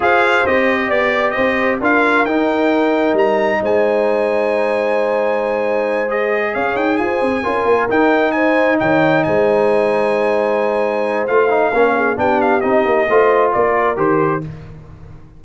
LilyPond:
<<
  \new Staff \with { instrumentName = "trumpet" } { \time 4/4 \tempo 4 = 133 f''4 dis''4 d''4 dis''4 | f''4 g''2 ais''4 | gis''1~ | gis''4. dis''4 f''8 g''8 gis''8~ |
gis''4. g''4 gis''4 g''8~ | g''8 gis''2.~ gis''8~ | gis''4 f''2 g''8 f''8 | dis''2 d''4 c''4 | }
  \new Staff \with { instrumentName = "horn" } { \time 4/4 c''2 d''4 c''4 | ais'1 | c''1~ | c''2~ c''8 cis''4 c''8~ |
c''8 ais'2 c''4 cis''8~ | cis''8 c''2.~ c''8~ | c''2 ais'8 gis'8 g'4~ | g'4 c''4 ais'2 | }
  \new Staff \with { instrumentName = "trombone" } { \time 4/4 gis'4 g'2. | f'4 dis'2.~ | dis'1~ | dis'4. gis'2~ gis'8~ |
gis'8 f'4 dis'2~ dis'8~ | dis'1~ | dis'4 f'8 dis'8 cis'4 d'4 | dis'4 f'2 g'4 | }
  \new Staff \with { instrumentName = "tuba" } { \time 4/4 f'4 c'4 b4 c'4 | d'4 dis'2 g4 | gis1~ | gis2~ gis8 cis'8 dis'8 f'8 |
c'8 cis'8 ais8 dis'2 dis8~ | dis8 gis2.~ gis8~ | gis4 a4 ais4 b4 | c'8 ais8 a4 ais4 dis4 | }
>>